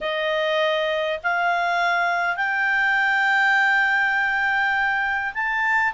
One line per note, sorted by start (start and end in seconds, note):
0.00 1.19 D#5
1.23 2.36 F5
2.36 5.33 G5
5.34 5.93 A5